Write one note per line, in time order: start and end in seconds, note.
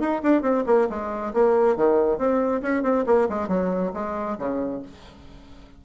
0.00 0.22 D#4
0.23 0.42 D4
0.42 0.64 C4
0.66 0.88 A#3
0.90 1.34 G#3
1.34 1.77 A#3
1.77 2.18 D#3
2.18 2.62 C4
2.62 2.83 C#4
2.83 3.05 C4
3.07 3.28 A#3
3.30 3.48 G#3
3.48 3.92 F#3
3.94 4.38 G#3
4.39 4.82 C#3